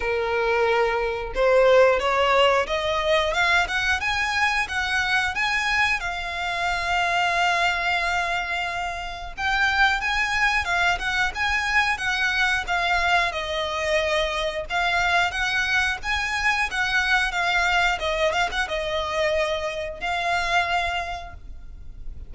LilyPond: \new Staff \with { instrumentName = "violin" } { \time 4/4 \tempo 4 = 90 ais'2 c''4 cis''4 | dis''4 f''8 fis''8 gis''4 fis''4 | gis''4 f''2.~ | f''2 g''4 gis''4 |
f''8 fis''8 gis''4 fis''4 f''4 | dis''2 f''4 fis''4 | gis''4 fis''4 f''4 dis''8 f''16 fis''16 | dis''2 f''2 | }